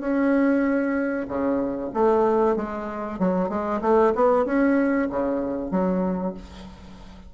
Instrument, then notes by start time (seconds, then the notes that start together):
bassoon
0.00 C#4
1.28 C#3
1.93 A3
2.56 G#3
3.19 F#3
3.49 G#3
3.81 A3
4.15 B3
4.45 C#4
5.09 C#3
5.71 F#3